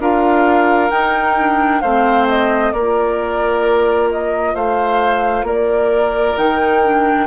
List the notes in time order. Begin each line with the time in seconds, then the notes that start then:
0.00 D4 F4 A#4 F5
0.91 D#4 G5
1.38 D4
1.81 A3 C4 C5 F5
2.29 D#5
2.73 A#3 F4 A#4 D5
4.12 D#5
4.55 A3 C5 F5
5.43 A#3 A#4 D5
6.37 D#3 D#4 G5
6.84 D4